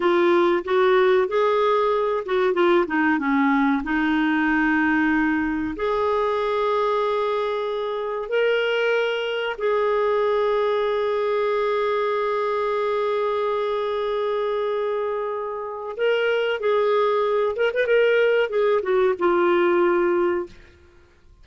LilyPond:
\new Staff \with { instrumentName = "clarinet" } { \time 4/4 \tempo 4 = 94 f'4 fis'4 gis'4. fis'8 | f'8 dis'8 cis'4 dis'2~ | dis'4 gis'2.~ | gis'4 ais'2 gis'4~ |
gis'1~ | gis'1~ | gis'4 ais'4 gis'4. ais'16 b'16 | ais'4 gis'8 fis'8 f'2 | }